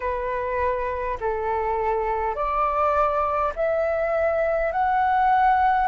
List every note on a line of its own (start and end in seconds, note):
0.00 1.18 B4
1.20 2.35 A4
2.35 3.52 D5
3.56 4.72 E5
4.72 5.87 F#5